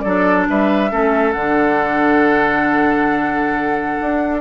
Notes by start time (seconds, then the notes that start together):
0.00 F#3 D4 A4 D5
0.49 G3 B4 E5
0.90 A3 C#4 A4
1.32 D3 D4 F#5
4.00 D4